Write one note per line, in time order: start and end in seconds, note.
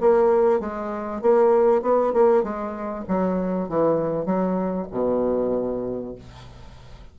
0.00 0.60 A#3
0.60 1.21 G#3
1.21 1.82 A#3
1.82 2.13 B3
2.13 2.43 A#3
2.43 3.05 G#3
3.08 3.68 F#3
3.68 4.25 E3
4.25 4.87 F#3
4.91 6.15 B2